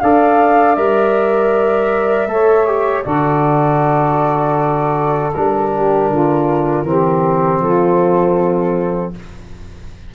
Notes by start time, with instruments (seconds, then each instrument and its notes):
0.00 tuba D4, trombone A4, saxophone D5, flute F5
0.75 tuba G3, trombone A#4, flute E5
2.27 tuba A3, trombone A4, saxophone C#5
2.66 trombone G4
3.04 tuba D3, trombone F#4, saxophone A4, flute D5
5.33 tuba G3, trombone D4, flute A#4
5.72 saxophone G4
6.10 tuba D3, saxophone F4
6.82 tuba E3, trombone C4, saxophone G4
7.60 tuba F3, saxophone F4, flute A4